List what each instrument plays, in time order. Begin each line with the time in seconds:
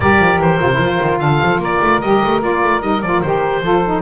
0.00 double bass G3, saxophone G4 A#4, oboe D5
0.19 double bass F3
0.38 double bass E3, oboe C5
0.59 double bass C3, saxophone F4
0.73 double bass F3, saxophone E4
0.80 saxophone F4
1.00 double bass D#3
1.19 double bass D3, saxophone A4, oboe F5
1.42 double bass F3
1.58 double bass A#3, saxophone A#4, oboe D5
1.81 double bass A3
2.01 double bass G3, saxophone G4, oboe D#5
2.23 double bass A3
2.40 double bass A#3, saxophone F4, oboe D5
2.62 double bass A3
2.81 double bass G3, saxophone D#4, oboe D#5
3.01 double bass F3, saxophone F4, oboe D5
3.21 double bass D#3, saxophone G4, oboe C5
3.61 double bass F3, saxophone F4 A4
3.84 saxophone D#4